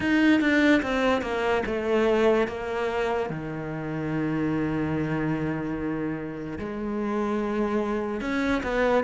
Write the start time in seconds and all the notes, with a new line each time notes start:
0.00 D#4
0.40 D4
0.82 C4
1.21 A#3
1.66 A3
2.47 A#3
3.29 D#3
6.58 G#3
8.20 C#4
8.63 B3